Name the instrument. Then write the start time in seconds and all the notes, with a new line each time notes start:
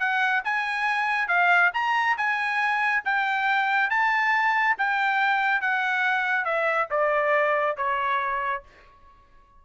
trumpet
0.00 F#5
0.45 G#5
1.29 F5
1.74 A#5
2.17 G#5
3.05 G5
3.90 A5
4.79 G5
5.62 F#5
6.45 E5
6.91 D5
7.77 C#5